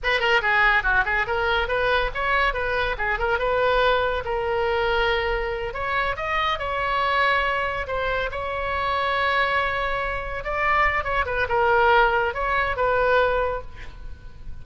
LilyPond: \new Staff \with { instrumentName = "oboe" } { \time 4/4 \tempo 4 = 141 b'8 ais'8 gis'4 fis'8 gis'8 ais'4 | b'4 cis''4 b'4 gis'8 ais'8 | b'2 ais'2~ | ais'4. cis''4 dis''4 cis''8~ |
cis''2~ cis''8 c''4 cis''8~ | cis''1~ | cis''8 d''4. cis''8 b'8 ais'4~ | ais'4 cis''4 b'2 | }